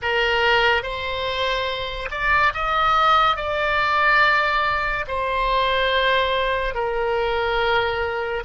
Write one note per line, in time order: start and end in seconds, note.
0.02 0.82 A#4
0.82 2.09 C5
2.10 2.52 D5
2.54 3.36 D#5
3.36 5.05 D5
5.07 6.74 C5
6.74 8.43 A#4